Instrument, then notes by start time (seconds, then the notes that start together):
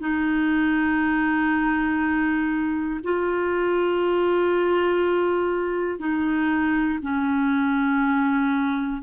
clarinet
0.00 D#4
3.03 F4
5.99 D#4
7.02 C#4